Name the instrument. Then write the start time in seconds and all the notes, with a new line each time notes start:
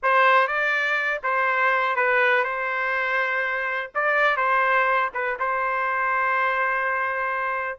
trumpet
0.02 C5
0.47 D5
1.23 C5
1.96 B4
2.43 C5
3.94 D5
4.36 C5
5.14 B4
5.39 C5